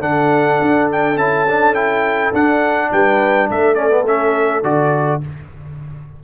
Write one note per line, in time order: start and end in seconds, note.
0.00 0.59 D3
0.00 1.15 D4
0.00 2.88 A4
0.00 0.88 F#5
0.61 1.16 D4
0.92 1.17 G5
1.16 2.32 C#4
1.16 1.47 E4
1.16 1.74 A5
1.48 1.75 D4
1.74 2.32 E4
1.74 2.32 G5
2.33 2.91 D4
2.33 3.76 D4
2.33 2.92 F#5
2.92 3.50 G3
2.92 3.50 B4
2.92 3.50 G5
3.50 4.63 A3
3.50 5.24 A4
3.50 3.75 E5
3.75 3.90 C#4
3.75 4.04 D5
3.90 4.04 B3
4.07 4.63 C#4
4.07 4.64 E5
4.63 5.21 D3
4.63 5.21 F#4
4.63 5.21 D5